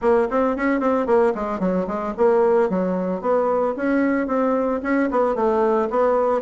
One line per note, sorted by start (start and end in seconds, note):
0.01 0.28 A#3
0.30 0.56 C4
0.56 0.80 C#4
0.80 1.06 C4
1.06 1.33 A#3
1.34 1.59 G#3
1.59 1.86 F#3
1.87 2.13 G#3
2.17 2.69 A#3
2.69 3.21 F#3
3.21 3.75 B3
3.76 4.27 C#4
4.27 4.80 C4
4.83 5.09 C#4
5.10 5.35 B3
5.35 5.89 A3
5.90 6.41 B3